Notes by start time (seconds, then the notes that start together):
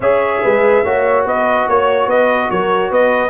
0.00 C#4 G#4 C#5 E5
0.42 G#3 B4
0.83 A#3 F#4 C#5
1.25 B3 B4 D#5
1.68 A#3 C#5
2.06 B3 B4 D#5
2.50 F#3 A#4 C#5
2.90 B3 B4 D#5